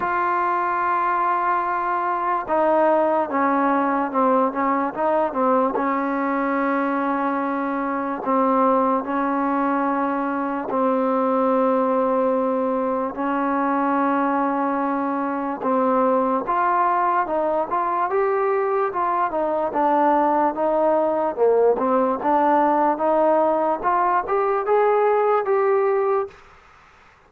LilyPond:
\new Staff \with { instrumentName = "trombone" } { \time 4/4 \tempo 4 = 73 f'2. dis'4 | cis'4 c'8 cis'8 dis'8 c'8 cis'4~ | cis'2 c'4 cis'4~ | cis'4 c'2. |
cis'2. c'4 | f'4 dis'8 f'8 g'4 f'8 dis'8 | d'4 dis'4 ais8 c'8 d'4 | dis'4 f'8 g'8 gis'4 g'4 | }